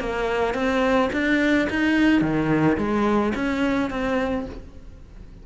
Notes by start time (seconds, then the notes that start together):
0.00 A#3
0.54 C4
1.13 D4
1.70 D#4
2.21 D#3
2.78 G#3
3.35 C#4
3.90 C4